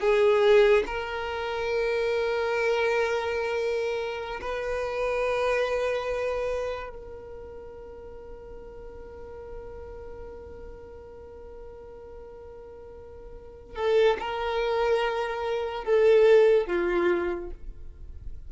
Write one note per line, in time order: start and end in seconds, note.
0.00 0.83 G#4
0.86 4.40 A#4
4.41 6.89 B4
6.89 13.75 A#4
13.75 14.17 A4
14.19 15.84 A#4
15.84 16.66 A4
16.66 17.50 F4